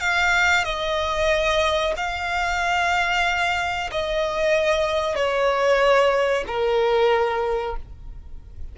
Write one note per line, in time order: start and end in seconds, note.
0.00 0.65 F5
0.65 1.94 D#5
1.96 3.90 F5
3.91 5.15 D#5
5.15 6.44 C#5
6.47 7.76 A#4